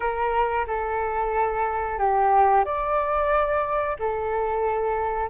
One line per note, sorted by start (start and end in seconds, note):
0.00 0.66 A#4
0.67 1.98 A4
1.98 2.64 G4
2.64 3.96 D5
3.99 5.29 A4